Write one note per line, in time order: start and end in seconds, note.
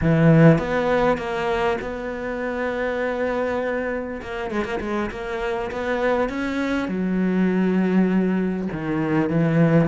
0.01 0.58 E3
0.58 1.17 B3
1.17 1.77 A#3
1.81 4.21 B3
4.21 4.50 A#3
4.50 4.64 G#3
4.64 4.79 A#3
4.80 5.10 G#3
5.10 5.70 A#3
5.71 6.29 B3
6.29 6.88 C#4
6.88 8.68 F#3
8.72 9.29 D#3
9.29 9.88 E3